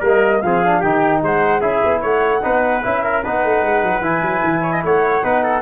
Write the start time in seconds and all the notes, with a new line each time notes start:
0.00 G3 A#3 A#4
0.07 D#5
0.42 F3 C4 G#4 F5
0.64 D4
0.80 D#3 D#4 G4 G5
1.23 G#3 C5 F#5
1.61 C#4 E4 G#4 E5
1.85 B3
2.01 A3 C#5 F#5
2.43 B3 D#4 B4
2.83 C#4 E4 E5
3.04 A#4
3.24 B3 D#4 B4 F#5
3.44 A3
3.62 G#3
3.83 F#3
4.01 E3 E4 G#5
4.22 F#3
4.43 E3
4.62 C#5
4.72 D#5
4.84 A3 C#5 F#5
5.23 B3 D#4 B4
5.43 A4